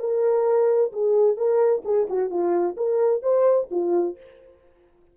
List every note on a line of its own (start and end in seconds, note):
0.00 0.92 A#4
0.93 1.37 G#4
1.37 1.83 A#4
1.85 2.08 G#4
2.10 2.30 F#4
2.30 2.77 F4
2.77 3.23 A#4
3.23 3.69 C5
3.71 4.17 F4